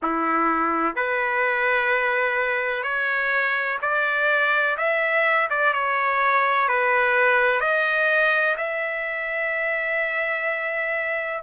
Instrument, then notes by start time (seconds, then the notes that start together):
trumpet
0.02 E4
0.95 B4
2.83 C#5
3.81 D5
4.77 E5
5.50 D5
5.73 C#5
6.68 B4
7.60 D#5
8.57 E5